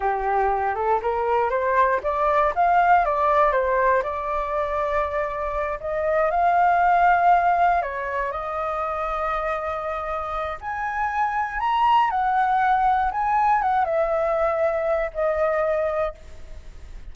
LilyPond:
\new Staff \with { instrumentName = "flute" } { \time 4/4 \tempo 4 = 119 g'4. a'8 ais'4 c''4 | d''4 f''4 d''4 c''4 | d''2.~ d''8 dis''8~ | dis''8 f''2. cis''8~ |
cis''8 dis''2.~ dis''8~ | dis''4 gis''2 ais''4 | fis''2 gis''4 fis''8 e''8~ | e''2 dis''2 | }